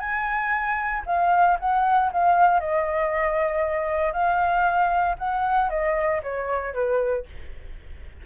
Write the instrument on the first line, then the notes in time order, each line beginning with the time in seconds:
flute
0.00 G#5
1.07 F5
1.60 F#5
2.13 F5
2.61 D#5
4.13 F5
5.19 F#5
5.70 D#5
6.23 C#5
6.74 B4